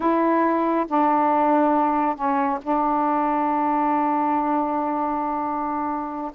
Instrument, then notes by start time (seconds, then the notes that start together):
saxophone
0.00 E4
0.88 D4
2.15 C#4
2.62 D4